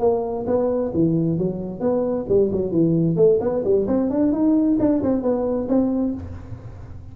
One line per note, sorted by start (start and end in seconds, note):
0.00 0.45 A#3
0.47 0.92 B3
0.94 1.38 E3
1.38 1.80 F#3
1.80 2.26 B3
2.29 2.51 G3
2.52 2.71 F#3
2.71 3.16 E3
3.16 3.39 A3
3.41 3.63 B3
3.64 3.87 G3
3.88 4.10 C4
4.11 4.32 D4
4.32 4.78 D#4
4.80 5.02 D4
5.03 5.23 C4
5.23 5.68 B3
5.69 6.14 C4